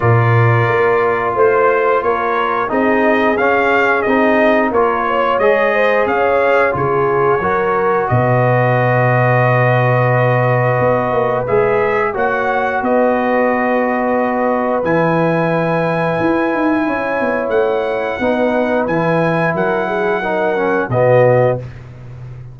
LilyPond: <<
  \new Staff \with { instrumentName = "trumpet" } { \time 4/4 \tempo 4 = 89 d''2 c''4 cis''4 | dis''4 f''4 dis''4 cis''4 | dis''4 f''4 cis''2 | dis''1~ |
dis''4 e''4 fis''4 dis''4~ | dis''2 gis''2~ | gis''2 fis''2 | gis''4 fis''2 dis''4 | }
  \new Staff \with { instrumentName = "horn" } { \time 4/4 ais'2 c''4 ais'4 | gis'2. ais'8 cis''8~ | cis''8 c''8 cis''4 gis'4 ais'4 | b'1~ |
b'2 cis''4 b'4~ | b'1~ | b'4 cis''2 b'4~ | b'4 ais'8 gis'8 ais'4 fis'4 | }
  \new Staff \with { instrumentName = "trombone" } { \time 4/4 f'1 | dis'4 cis'4 dis'4 f'4 | gis'2 f'4 fis'4~ | fis'1~ |
fis'4 gis'4 fis'2~ | fis'2 e'2~ | e'2. dis'4 | e'2 dis'8 cis'8 b4 | }
  \new Staff \with { instrumentName = "tuba" } { \time 4/4 ais,4 ais4 a4 ais4 | c'4 cis'4 c'4 ais4 | gis4 cis'4 cis4 fis4 | b,1 |
b8 ais8 gis4 ais4 b4~ | b2 e2 | e'8 dis'8 cis'8 b8 a4 b4 | e4 fis2 b,4 | }
>>